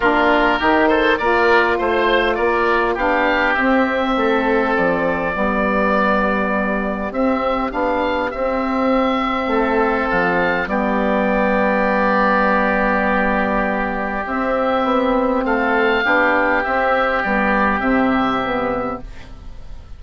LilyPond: <<
  \new Staff \with { instrumentName = "oboe" } { \time 4/4 \tempo 4 = 101 ais'4. c''8 d''4 c''4 | d''4 f''4 e''2 | d''1 | e''4 f''4 e''2~ |
e''4 f''4 d''2~ | d''1 | e''2 f''2 | e''4 d''4 e''2 | }
  \new Staff \with { instrumentName = "oboe" } { \time 4/4 f'4 g'8 a'8 ais'4 c''4 | ais'4 g'2 a'4~ | a'4 g'2.~ | g'1 |
a'2 g'2~ | g'1~ | g'2 a'4 g'4~ | g'1 | }
  \new Staff \with { instrumentName = "saxophone" } { \time 4/4 d'4 dis'4 f'2~ | f'4 d'4 c'2~ | c'4 b2. | c'4 d'4 c'2~ |
c'2 b2~ | b1 | c'2. d'4 | c'4 b4 c'4 b4 | }
  \new Staff \with { instrumentName = "bassoon" } { \time 4/4 ais4 dis4 ais4 a4 | ais4 b4 c'4 a4 | f4 g2. | c'4 b4 c'2 |
a4 f4 g2~ | g1 | c'4 b4 a4 b4 | c'4 g4 c2 | }
>>